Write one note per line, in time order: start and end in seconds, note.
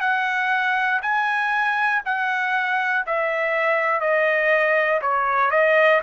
0.00 1.00 F#5
1.02 2.02 G#5
2.05 3.05 F#5
3.06 4.00 E5
4.00 5.00 D#5
5.02 5.51 C#5
5.51 6.01 D#5